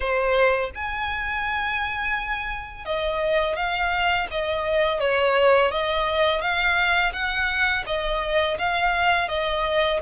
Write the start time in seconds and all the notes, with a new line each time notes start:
0.00 C5
0.74 G#5
2.85 D#5
3.56 F5
4.31 D#5
5.00 C#5
5.71 D#5
6.41 F5
7.12 F#5
7.86 D#5
8.58 F5
9.28 D#5